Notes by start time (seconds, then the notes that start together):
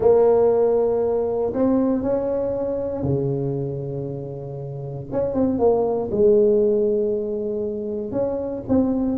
0.00 A#3
1.53 C4
2.02 C#4
3.03 C#3
5.12 C#4
5.34 C4
5.58 A#3
6.11 G#3
8.11 C#4
8.68 C4